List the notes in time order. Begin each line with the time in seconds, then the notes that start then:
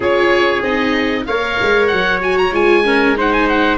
0.00 C#4 F4 G#4 C#5
0.62 C4 D#4 D#5
1.26 A#3 A#4 C#5 F5
1.61 G#3
1.87 F#3 F#5
2.19 F#4 G#5
2.37 A#5
2.51 G#3 F4 G#5
2.84 C#4 A#4
3.16 D#4 C5 F#5
3.32 G#5
3.48 F#5